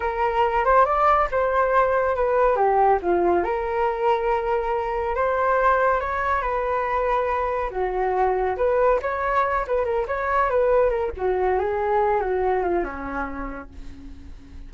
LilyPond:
\new Staff \with { instrumentName = "flute" } { \time 4/4 \tempo 4 = 140 ais'4. c''8 d''4 c''4~ | c''4 b'4 g'4 f'4 | ais'1 | c''2 cis''4 b'4~ |
b'2 fis'2 | b'4 cis''4. b'8 ais'8 cis''8~ | cis''8 b'4 ais'8 fis'4 gis'4~ | gis'8 fis'4 f'8 cis'2 | }